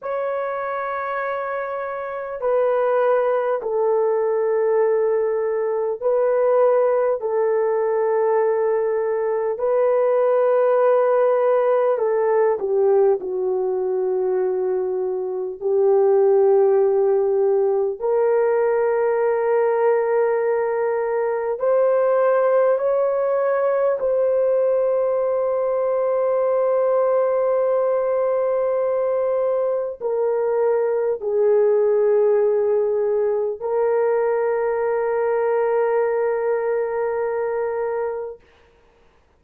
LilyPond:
\new Staff \with { instrumentName = "horn" } { \time 4/4 \tempo 4 = 50 cis''2 b'4 a'4~ | a'4 b'4 a'2 | b'2 a'8 g'8 fis'4~ | fis'4 g'2 ais'4~ |
ais'2 c''4 cis''4 | c''1~ | c''4 ais'4 gis'2 | ais'1 | }